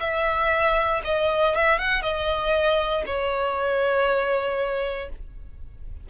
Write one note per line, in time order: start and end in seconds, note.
0.00 1.02 E5
1.04 1.55 D#5
1.55 1.78 E5
1.78 2.02 F#5
2.02 3.03 D#5
3.06 5.09 C#5